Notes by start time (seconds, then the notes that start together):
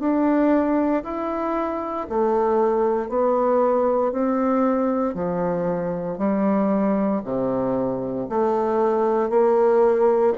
0.00 D4
1.04 E4
2.09 A3
3.09 B3
4.12 C4
5.15 F3
6.18 G3
7.25 C3
8.30 A3
9.30 A#3